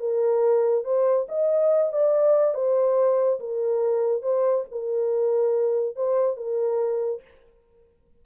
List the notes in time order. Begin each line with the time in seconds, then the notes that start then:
0.00 A#4
0.85 C5
1.29 D#5
1.93 D5
2.55 C5
3.40 A#4
4.22 C5
4.72 A#4
5.96 C5
6.37 A#4